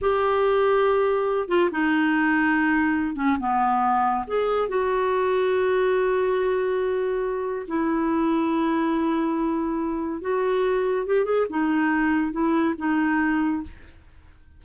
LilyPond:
\new Staff \with { instrumentName = "clarinet" } { \time 4/4 \tempo 4 = 141 g'2.~ g'8 f'8 | dis'2.~ dis'8 cis'8 | b2 gis'4 fis'4~ | fis'1~ |
fis'2 e'2~ | e'1 | fis'2 g'8 gis'8 dis'4~ | dis'4 e'4 dis'2 | }